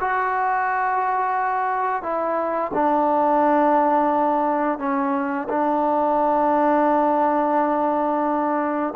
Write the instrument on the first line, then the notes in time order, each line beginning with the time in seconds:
trombone
0.00 F#4
2.02 E4
2.74 D4
4.78 C#4
5.49 D4